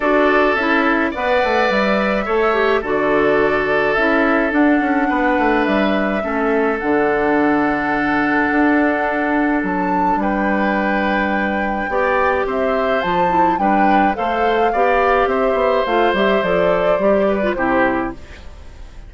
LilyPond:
<<
  \new Staff \with { instrumentName = "flute" } { \time 4/4 \tempo 4 = 106 d''4 e''4 fis''4 e''4~ | e''4 d''2 e''4 | fis''2 e''2 | fis''1~ |
fis''4 a''4 g''2~ | g''2 e''4 a''4 | g''4 f''2 e''4 | f''8 e''8 d''2 c''4 | }
  \new Staff \with { instrumentName = "oboe" } { \time 4/4 a'2 d''2 | cis''4 a'2.~ | a'4 b'2 a'4~ | a'1~ |
a'2 b'2~ | b'4 d''4 c''2 | b'4 c''4 d''4 c''4~ | c''2~ c''8 b'8 g'4 | }
  \new Staff \with { instrumentName = "clarinet" } { \time 4/4 fis'4 e'4 b'2 | a'8 g'8 fis'2 e'4 | d'2. cis'4 | d'1~ |
d'1~ | d'4 g'2 f'8 e'8 | d'4 a'4 g'2 | f'8 g'8 a'4 g'8. f'16 e'4 | }
  \new Staff \with { instrumentName = "bassoon" } { \time 4/4 d'4 cis'4 b8 a8 g4 | a4 d2 cis'4 | d'8 cis'8 b8 a8 g4 a4 | d2. d'4~ |
d'4 fis4 g2~ | g4 b4 c'4 f4 | g4 a4 b4 c'8 b8 | a8 g8 f4 g4 c4 | }
>>